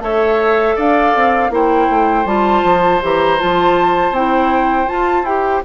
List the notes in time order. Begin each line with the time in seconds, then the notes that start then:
0.00 A3 A4 C#5 E5
0.76 D4 D5 F5
1.15 C4
1.50 A#3 E4 C5 G5
1.90 A3
2.25 G3 F4 A5
2.64 F3
3.02 E3 G4 A#5
3.39 F3 F4 A5
4.12 C4 E4 G5
4.87 F4 A5
5.23 E4 G4 G5